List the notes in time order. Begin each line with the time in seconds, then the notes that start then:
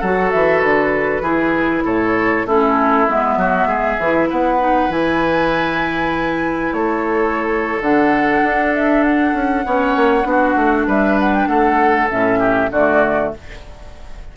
0.00 F#3 F#4 A4 F#5
0.32 E3 E5
0.61 D3 B4
1.22 E3 E4 G#4
1.85 A2 A4 C#5
2.46 A3 C#4 E4 A4
3.07 G#3 B3 E5
3.37 F#3 F#4
3.66 G#3 G#4
4.00 E3 E4
4.30 B3 B4 F#5
4.60 D#4
4.90 E3 E4 G#5
6.73 A3 A4 C#5
7.81 D3 D4 F#5
8.43 D4
8.75 E5
9.04 F#5
9.34 C#4
9.65 B3 C#4 C#5
9.96 A#3
10.24 B3 D4 F#4
10.56 A3
10.87 G3 B4 E5
11.20 F#5
11.35 G5
11.47 A3 A4 F#5
12.10 A2 C#4 E5
12.39 G4
12.71 D3 A3 F#4 D5